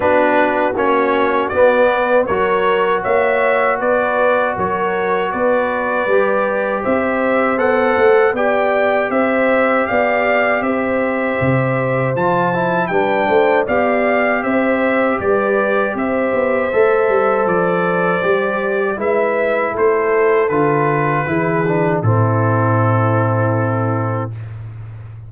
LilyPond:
<<
  \new Staff \with { instrumentName = "trumpet" } { \time 4/4 \tempo 4 = 79 b'4 cis''4 d''4 cis''4 | e''4 d''4 cis''4 d''4~ | d''4 e''4 fis''4 g''4 | e''4 f''4 e''2 |
a''4 g''4 f''4 e''4 | d''4 e''2 d''4~ | d''4 e''4 c''4 b'4~ | b'4 a'2. | }
  \new Staff \with { instrumentName = "horn" } { \time 4/4 fis'2~ fis'8 b'8 ais'4 | cis''4 b'4 ais'4 b'4~ | b'4 c''2 d''4 | c''4 d''4 c''2~ |
c''4 b'8 c''8 d''4 c''4 | b'4 c''2.~ | c''4 b'4 a'2 | gis'4 e'2. | }
  \new Staff \with { instrumentName = "trombone" } { \time 4/4 d'4 cis'4 b4 fis'4~ | fis'1 | g'2 a'4 g'4~ | g'1 |
f'8 e'8 d'4 g'2~ | g'2 a'2 | g'4 e'2 f'4 | e'8 d'8 c'2. | }
  \new Staff \with { instrumentName = "tuba" } { \time 4/4 b4 ais4 b4 fis4 | ais4 b4 fis4 b4 | g4 c'4 b8 a8 b4 | c'4 b4 c'4 c4 |
f4 g8 a8 b4 c'4 | g4 c'8 b8 a8 g8 f4 | g4 gis4 a4 d4 | e4 a,2. | }
>>